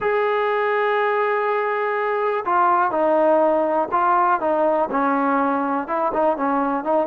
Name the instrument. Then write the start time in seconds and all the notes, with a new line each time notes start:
trombone
0.00 G#4
2.45 F4
2.91 D#4
3.91 F4
4.40 D#4
4.90 C#4
5.87 E4
6.13 D#4
6.36 C#4
6.84 D#4